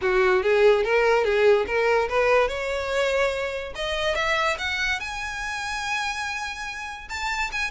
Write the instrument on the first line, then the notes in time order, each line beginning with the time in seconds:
violin
0.01 F#4
0.42 G#4
0.83 A#4
1.24 G#4
1.66 A#4
2.09 B4
2.48 C#5
3.75 D#5
4.15 E5
4.58 F#5
5.00 G#5
7.09 A5
7.52 G#5